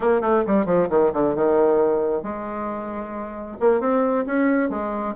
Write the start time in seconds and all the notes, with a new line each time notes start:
0.00 A#3
0.21 A3
0.46 G3
0.65 F3
0.89 D#3
1.13 D3
1.35 D#3
2.22 G#3
3.59 A#3
3.80 C4
4.25 C#4
4.69 G#3